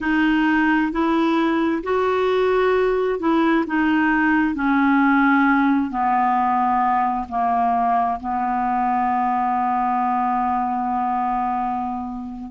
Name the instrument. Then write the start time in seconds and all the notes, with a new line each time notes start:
clarinet
0.00 D#4
0.91 E4
1.83 F#4
3.19 E4
3.66 D#4
4.55 C#4
5.90 B3
7.29 A#3
8.19 B3